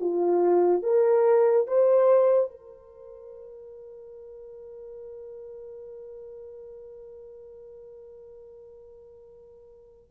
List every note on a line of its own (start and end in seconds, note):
0.00 0.83 F4
0.83 1.67 A#4
1.67 2.50 C5
2.50 10.11 A#4